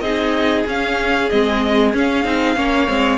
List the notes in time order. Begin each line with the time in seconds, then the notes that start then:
0.00 C4 D#4 G#4 D#5
0.67 C#4 F5
1.29 G#3 C4 D#5
1.93 C#4 F5
2.24 C4 D#4
2.55 A#3 C#4 C#5
2.87 G#3 C4